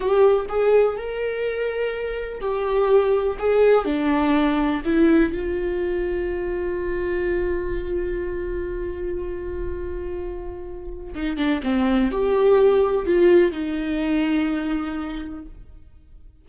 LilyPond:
\new Staff \with { instrumentName = "viola" } { \time 4/4 \tempo 4 = 124 g'4 gis'4 ais'2~ | ais'4 g'2 gis'4 | d'2 e'4 f'4~ | f'1~ |
f'1~ | f'2. dis'8 d'8 | c'4 g'2 f'4 | dis'1 | }